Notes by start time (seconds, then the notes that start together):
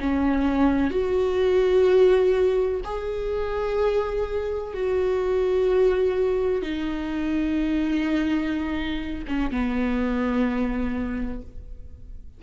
0.00 C#4
0.90 F#4
2.84 G#4
4.74 F#4
6.62 D#4
9.28 C#4
9.51 B3